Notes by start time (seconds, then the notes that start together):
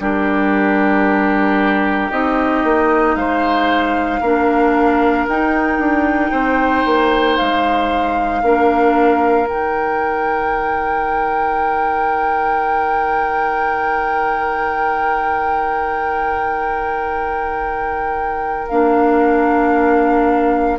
0.00 G3 D4 G4 A#4
2.11 C4 D#4 D#5
2.64 A#3
3.16 G#3 C5 F5
4.21 A#3 D4 A#4
5.29 D#4 G5
5.79 D4
6.31 C4 C5
6.86 A#3
7.37 G#3 F5
8.43 A#3 D4 A#4
9.45 D#3 D#4 G5
18.69 A#3 D4 F5